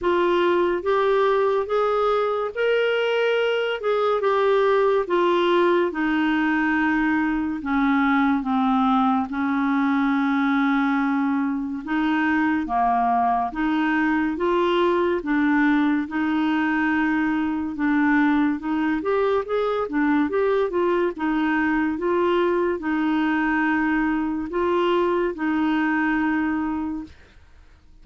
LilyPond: \new Staff \with { instrumentName = "clarinet" } { \time 4/4 \tempo 4 = 71 f'4 g'4 gis'4 ais'4~ | ais'8 gis'8 g'4 f'4 dis'4~ | dis'4 cis'4 c'4 cis'4~ | cis'2 dis'4 ais4 |
dis'4 f'4 d'4 dis'4~ | dis'4 d'4 dis'8 g'8 gis'8 d'8 | g'8 f'8 dis'4 f'4 dis'4~ | dis'4 f'4 dis'2 | }